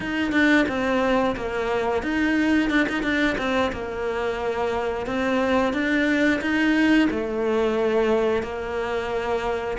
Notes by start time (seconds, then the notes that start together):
0.00 D#4
0.32 D4
0.68 C4
1.35 A#3
2.03 D#4
2.70 D4
2.88 D#4
3.02 D4
3.38 C4
3.72 A#3
5.06 C4
5.73 D4
6.41 D#4
7.10 A3
8.42 A#3